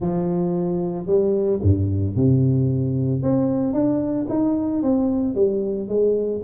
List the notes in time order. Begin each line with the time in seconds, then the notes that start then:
0.00 F3
1.06 G3
1.62 G2
2.16 C3
3.22 C4
3.73 D4
4.29 D#4
4.82 C4
5.34 G3
5.88 G#3